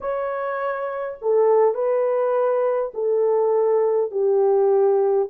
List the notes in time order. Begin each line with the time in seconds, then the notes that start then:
0.01 C#5
1.21 A4
1.74 B4
2.94 A4
4.11 G4